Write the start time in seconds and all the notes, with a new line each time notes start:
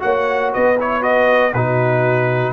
0.00 A#3 F#4 C#5 F#5
0.53 B3 B4 D#5
0.79 E4 C#5
1.01 F#4 D#5
1.54 B2 D#4 F#4 B4